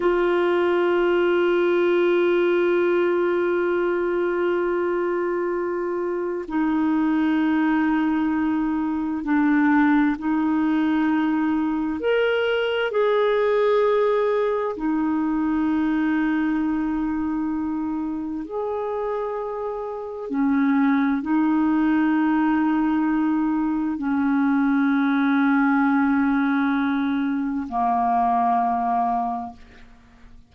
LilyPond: \new Staff \with { instrumentName = "clarinet" } { \time 4/4 \tempo 4 = 65 f'1~ | f'2. dis'4~ | dis'2 d'4 dis'4~ | dis'4 ais'4 gis'2 |
dis'1 | gis'2 cis'4 dis'4~ | dis'2 cis'2~ | cis'2 ais2 | }